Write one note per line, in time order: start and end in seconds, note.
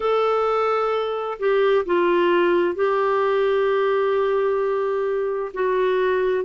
0.00 1.38 A4
1.38 1.85 G4
1.85 2.74 F4
2.74 5.51 G4
5.53 6.44 F#4